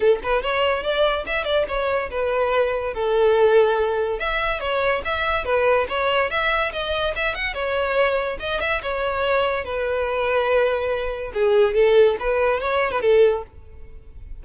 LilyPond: \new Staff \with { instrumentName = "violin" } { \time 4/4 \tempo 4 = 143 a'8 b'8 cis''4 d''4 e''8 d''8 | cis''4 b'2 a'4~ | a'2 e''4 cis''4 | e''4 b'4 cis''4 e''4 |
dis''4 e''8 fis''8 cis''2 | dis''8 e''8 cis''2 b'4~ | b'2. gis'4 | a'4 b'4 cis''8. b'16 a'4 | }